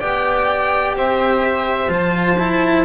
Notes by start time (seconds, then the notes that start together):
0.00 B3 G4 D5 G5
0.96 C4 C5 E5
1.88 F3 F4 A5
2.39 E4